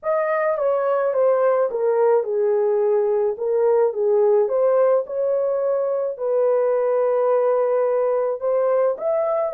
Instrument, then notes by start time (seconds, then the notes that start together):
horn
0.03 D#5
0.57 C#5
1.13 C5
1.71 A#4
2.23 G#4
3.37 A#4
3.93 G#4
4.48 C5
5.06 C#5
6.17 B4
8.40 C5
8.98 E5